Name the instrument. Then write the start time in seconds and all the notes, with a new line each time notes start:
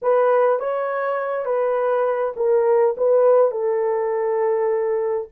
horn
0.02 B4
0.59 C#5
1.45 B4
2.36 A#4
2.97 B4
3.51 A4